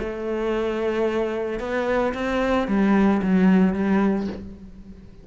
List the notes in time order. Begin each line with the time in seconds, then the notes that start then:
0.00 A3
1.60 B3
2.14 C4
2.68 G3
3.23 F#3
3.74 G3